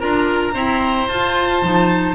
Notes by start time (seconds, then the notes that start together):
0.00 D4 F4 A#4 A#5
0.53 C4 E4 C5
1.08 F4 A5
1.62 F3 D#4